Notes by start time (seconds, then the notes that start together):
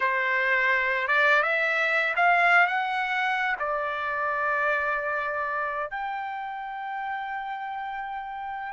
0.00 C5
1.07 D5
1.43 E5
2.16 F5
2.66 F#5
3.59 D5
5.90 G5